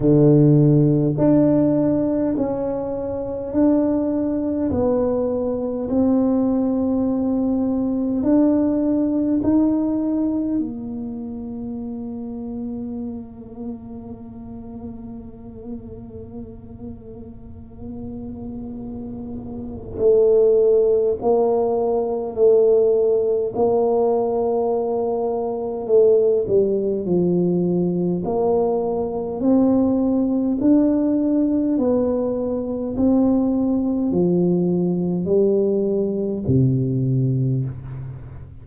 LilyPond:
\new Staff \with { instrumentName = "tuba" } { \time 4/4 \tempo 4 = 51 d4 d'4 cis'4 d'4 | b4 c'2 d'4 | dis'4 ais2.~ | ais1~ |
ais4 a4 ais4 a4 | ais2 a8 g8 f4 | ais4 c'4 d'4 b4 | c'4 f4 g4 c4 | }